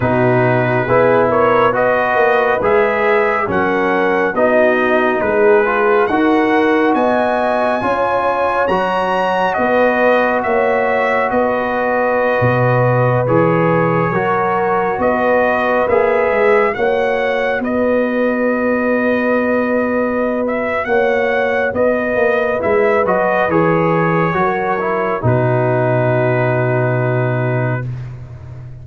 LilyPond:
<<
  \new Staff \with { instrumentName = "trumpet" } { \time 4/4 \tempo 4 = 69 b'4. cis''8 dis''4 e''4 | fis''4 dis''4 b'4 fis''4 | gis''2 ais''4 dis''4 | e''4 dis''2~ dis''16 cis''8.~ |
cis''4~ cis''16 dis''4 e''4 fis''8.~ | fis''16 dis''2.~ dis''16 e''8 | fis''4 dis''4 e''8 dis''8 cis''4~ | cis''4 b'2. | }
  \new Staff \with { instrumentName = "horn" } { \time 4/4 fis'4 gis'8 ais'8 b'2 | ais'4 fis'4 gis'4 ais'4 | dis''4 cis''2 b'4 | cis''4 b'2.~ |
b'16 ais'4 b'2 cis''8.~ | cis''16 b'2.~ b'8. | cis''4 b'2. | ais'4 fis'2. | }
  \new Staff \with { instrumentName = "trombone" } { \time 4/4 dis'4 e'4 fis'4 gis'4 | cis'4 dis'4. f'8 fis'4~ | fis'4 f'4 fis'2~ | fis'2.~ fis'16 gis'8.~ |
gis'16 fis'2 gis'4 fis'8.~ | fis'1~ | fis'2 e'8 fis'8 gis'4 | fis'8 e'8 dis'2. | }
  \new Staff \with { instrumentName = "tuba" } { \time 4/4 b,4 b4. ais8 gis4 | fis4 b4 gis4 dis'4 | b4 cis'4 fis4 b4 | ais4 b4~ b16 b,4 e8.~ |
e16 fis4 b4 ais8 gis8 ais8.~ | ais16 b2.~ b8. | ais4 b8 ais8 gis8 fis8 e4 | fis4 b,2. | }
>>